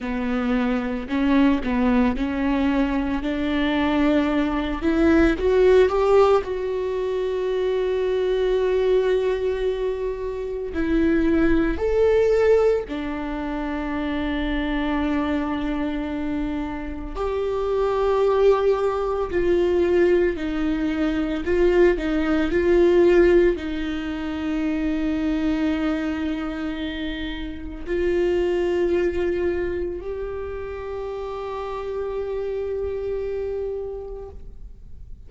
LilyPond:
\new Staff \with { instrumentName = "viola" } { \time 4/4 \tempo 4 = 56 b4 cis'8 b8 cis'4 d'4~ | d'8 e'8 fis'8 g'8 fis'2~ | fis'2 e'4 a'4 | d'1 |
g'2 f'4 dis'4 | f'8 dis'8 f'4 dis'2~ | dis'2 f'2 | g'1 | }